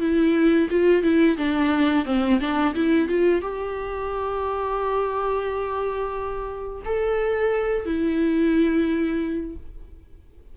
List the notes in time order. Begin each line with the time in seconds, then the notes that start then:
0.00 E4
0.70 F4
1.03 E4
1.37 D4
2.05 C4
2.40 D4
2.75 E4
3.08 F4
3.42 G4
6.85 A4
7.85 E4